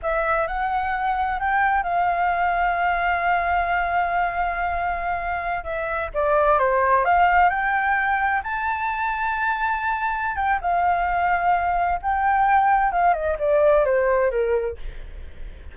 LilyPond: \new Staff \with { instrumentName = "flute" } { \time 4/4 \tempo 4 = 130 e''4 fis''2 g''4 | f''1~ | f''1~ | f''16 e''4 d''4 c''4 f''8.~ |
f''16 g''2 a''4.~ a''16~ | a''2~ a''8 g''8 f''4~ | f''2 g''2 | f''8 dis''8 d''4 c''4 ais'4 | }